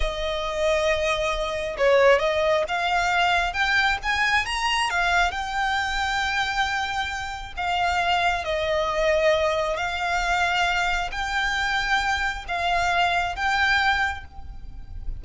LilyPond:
\new Staff \with { instrumentName = "violin" } { \time 4/4 \tempo 4 = 135 dis''1 | cis''4 dis''4 f''2 | g''4 gis''4 ais''4 f''4 | g''1~ |
g''4 f''2 dis''4~ | dis''2 f''2~ | f''4 g''2. | f''2 g''2 | }